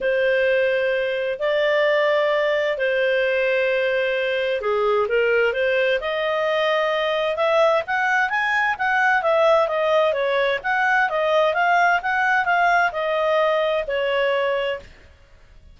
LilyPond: \new Staff \with { instrumentName = "clarinet" } { \time 4/4 \tempo 4 = 130 c''2. d''4~ | d''2 c''2~ | c''2 gis'4 ais'4 | c''4 dis''2. |
e''4 fis''4 gis''4 fis''4 | e''4 dis''4 cis''4 fis''4 | dis''4 f''4 fis''4 f''4 | dis''2 cis''2 | }